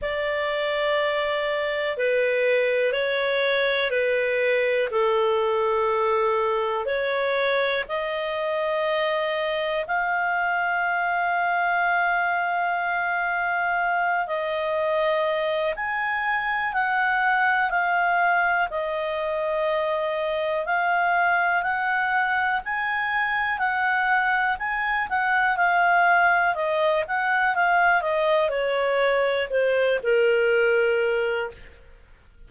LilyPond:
\new Staff \with { instrumentName = "clarinet" } { \time 4/4 \tempo 4 = 61 d''2 b'4 cis''4 | b'4 a'2 cis''4 | dis''2 f''2~ | f''2~ f''8 dis''4. |
gis''4 fis''4 f''4 dis''4~ | dis''4 f''4 fis''4 gis''4 | fis''4 gis''8 fis''8 f''4 dis''8 fis''8 | f''8 dis''8 cis''4 c''8 ais'4. | }